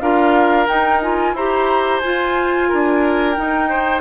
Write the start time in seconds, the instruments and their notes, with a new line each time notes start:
0.00 bassoon D4, clarinet F4, oboe A#4, flute F5
0.67 clarinet D#4, bassoon D#4, flute G5
1.02 clarinet F4, flute G#5
1.33 bassoon E4, clarinet G4, oboe C5, flute A#5
1.99 clarinet F4, bassoon F4, flute G#5
2.68 bassoon D4, oboe A#4
3.33 clarinet D#4, bassoon D#4, flute G5
3.68 oboe C5